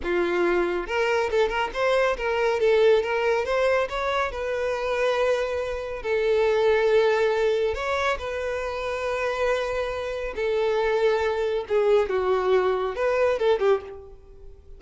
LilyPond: \new Staff \with { instrumentName = "violin" } { \time 4/4 \tempo 4 = 139 f'2 ais'4 a'8 ais'8 | c''4 ais'4 a'4 ais'4 | c''4 cis''4 b'2~ | b'2 a'2~ |
a'2 cis''4 b'4~ | b'1 | a'2. gis'4 | fis'2 b'4 a'8 g'8 | }